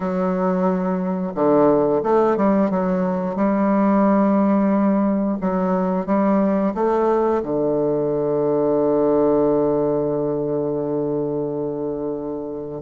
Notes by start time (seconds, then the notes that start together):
0.00 F#3
1.34 D3
2.03 A3
2.36 G3
2.70 F#3
3.35 G3
5.41 F#3
6.06 G3
6.74 A3
7.42 D3